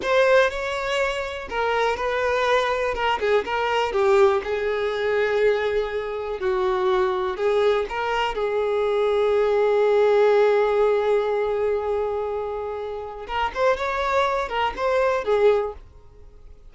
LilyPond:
\new Staff \with { instrumentName = "violin" } { \time 4/4 \tempo 4 = 122 c''4 cis''2 ais'4 | b'2 ais'8 gis'8 ais'4 | g'4 gis'2.~ | gis'4 fis'2 gis'4 |
ais'4 gis'2.~ | gis'1~ | gis'2. ais'8 c''8 | cis''4. ais'8 c''4 gis'4 | }